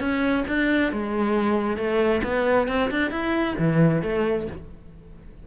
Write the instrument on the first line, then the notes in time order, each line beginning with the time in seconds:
cello
0.00 C#4
0.48 D4
0.93 G#3
1.77 A3
2.23 B3
2.68 C4
2.91 D4
3.11 E4
3.58 E3
4.03 A3